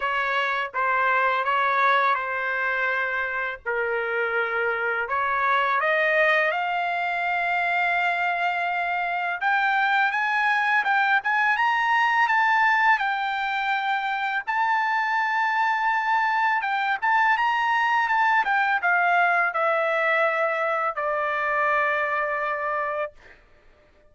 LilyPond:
\new Staff \with { instrumentName = "trumpet" } { \time 4/4 \tempo 4 = 83 cis''4 c''4 cis''4 c''4~ | c''4 ais'2 cis''4 | dis''4 f''2.~ | f''4 g''4 gis''4 g''8 gis''8 |
ais''4 a''4 g''2 | a''2. g''8 a''8 | ais''4 a''8 g''8 f''4 e''4~ | e''4 d''2. | }